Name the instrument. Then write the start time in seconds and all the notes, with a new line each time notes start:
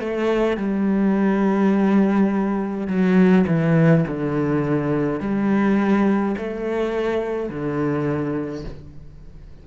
cello
0.00 A3
0.57 G3
2.88 F#3
3.47 E3
4.08 D3
5.20 G3
6.38 A3
7.49 D3